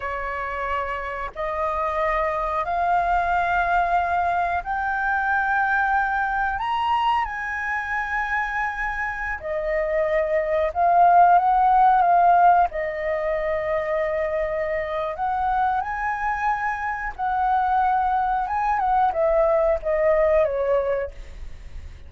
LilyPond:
\new Staff \with { instrumentName = "flute" } { \time 4/4 \tempo 4 = 91 cis''2 dis''2 | f''2. g''4~ | g''2 ais''4 gis''4~ | gis''2~ gis''16 dis''4.~ dis''16~ |
dis''16 f''4 fis''4 f''4 dis''8.~ | dis''2. fis''4 | gis''2 fis''2 | gis''8 fis''8 e''4 dis''4 cis''4 | }